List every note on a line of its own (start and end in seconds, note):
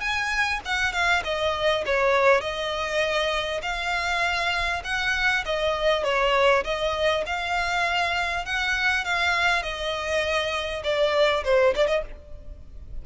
0.00 0.60 G#5
0.65 0.92 F#5
0.92 1.22 F5
1.24 1.84 D#5
1.86 2.41 C#5
2.41 3.61 D#5
3.62 4.82 F5
4.84 5.44 F#5
5.45 6.04 D#5
6.04 6.64 C#5
6.64 7.24 D#5
7.26 8.45 F5
8.45 9.05 F#5
9.05 9.62 F5
9.62 10.82 D#5
10.84 11.44 D5
11.44 11.74 C5
11.75 11.87 D5
11.87 12.02 D#5